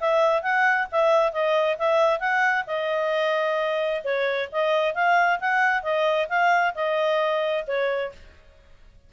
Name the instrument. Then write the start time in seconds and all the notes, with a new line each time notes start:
clarinet
0.00 E5
0.42 F#5
0.92 E5
1.32 D#5
1.78 E5
2.20 F#5
2.67 D#5
4.04 C#5
4.52 D#5
4.94 F5
5.40 F#5
5.83 D#5
6.29 F5
6.75 D#5
7.67 C#5